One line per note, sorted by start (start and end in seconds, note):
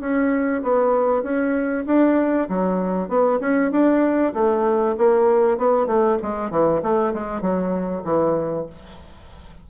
0.00 0.62 C#4
0.62 1.23 B3
1.23 1.85 C#4
1.86 2.48 D4
2.49 3.08 F#3
3.08 3.39 B3
3.40 3.71 C#4
3.71 4.33 D4
4.34 4.95 A3
4.98 5.58 A#3
5.58 5.87 B3
5.87 6.17 A3
6.22 6.50 G#3
6.50 6.81 E3
6.82 7.13 A3
7.14 7.41 G#3
7.41 8.03 F#3
8.04 8.66 E3